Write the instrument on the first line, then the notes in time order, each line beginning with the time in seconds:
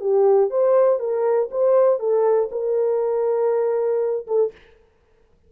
horn
0.00 G4
0.50 C5
0.99 A#4
1.51 C5
1.99 A4
2.51 A#4
4.27 A4